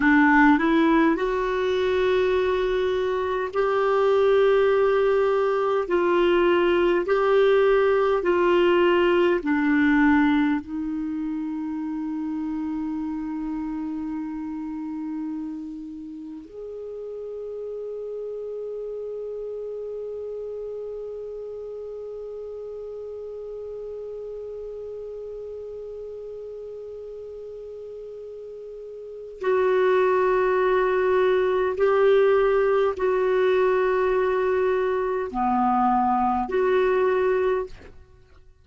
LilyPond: \new Staff \with { instrumentName = "clarinet" } { \time 4/4 \tempo 4 = 51 d'8 e'8 fis'2 g'4~ | g'4 f'4 g'4 f'4 | d'4 dis'2.~ | dis'2 gis'2~ |
gis'1~ | gis'1~ | gis'4 fis'2 g'4 | fis'2 b4 fis'4 | }